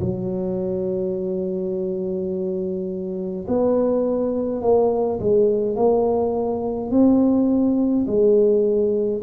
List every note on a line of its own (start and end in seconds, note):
0.00 3.46 F#3
3.48 4.62 B3
4.62 5.19 A#3
5.19 5.76 G#3
5.76 6.90 A#3
6.90 8.06 C4
8.07 9.22 G#3